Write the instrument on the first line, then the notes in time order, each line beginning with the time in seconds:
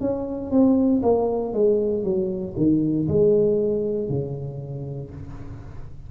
tuba
0.00 C#4
0.50 C4
1.02 A#3
1.53 G#3
2.03 F#3
2.56 D#3
3.07 G#3
4.09 C#3